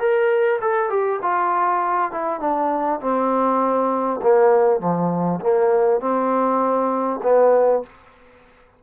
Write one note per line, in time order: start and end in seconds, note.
0.00 0.60 A#4
0.61 0.90 A4
0.90 1.20 G4
1.22 2.12 F4
2.12 2.40 E4
2.40 3.00 D4
3.01 4.21 C4
4.22 4.80 A#3
4.80 5.40 F3
5.41 6.01 A#3
6.01 7.21 C4
7.23 7.83 B3